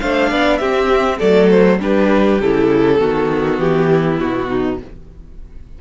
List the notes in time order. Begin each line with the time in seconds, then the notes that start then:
0.00 A3 D4 C5 F5
0.30 B3 D5
0.58 C4 G4 E5
1.19 F#3 A3 A4 D5
1.50 C5
1.80 G3 D4 G4 B4
2.41 C#3 E4 A4
2.99 D#3 B3 F#4
3.59 E3 G4
3.92 E4
4.19 B2 F#4
4.49 D#4